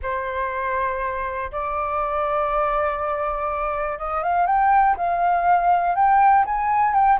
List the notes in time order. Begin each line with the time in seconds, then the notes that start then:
0.02 C5
1.51 D5
3.98 D#5
4.23 F5
4.46 G5
4.97 F5
5.95 G5
6.45 G#5
6.94 G5